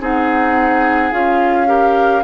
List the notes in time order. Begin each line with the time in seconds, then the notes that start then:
0.00 C4 D#4 G#4 F#5
1.11 C#4 F4 F5
1.66 G4 A#4